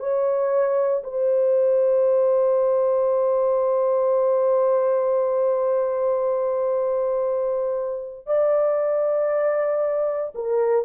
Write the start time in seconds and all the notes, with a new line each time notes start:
0.00 C#5
1.04 C5
8.27 D5
10.35 A#4